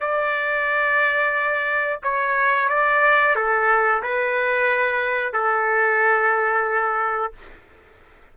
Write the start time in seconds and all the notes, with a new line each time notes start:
0.00 D5
2.03 C#5
2.68 D5
3.35 A4
4.03 B4
5.33 A4